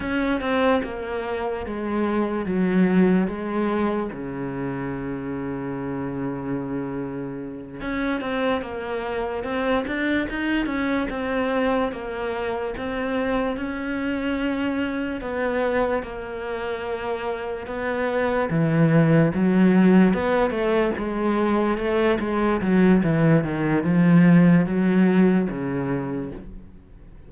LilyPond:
\new Staff \with { instrumentName = "cello" } { \time 4/4 \tempo 4 = 73 cis'8 c'8 ais4 gis4 fis4 | gis4 cis2.~ | cis4. cis'8 c'8 ais4 c'8 | d'8 dis'8 cis'8 c'4 ais4 c'8~ |
c'8 cis'2 b4 ais8~ | ais4. b4 e4 fis8~ | fis8 b8 a8 gis4 a8 gis8 fis8 | e8 dis8 f4 fis4 cis4 | }